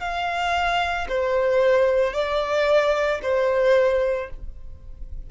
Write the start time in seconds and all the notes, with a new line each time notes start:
0.00 F5
1.09 C5
2.13 D5
3.22 C5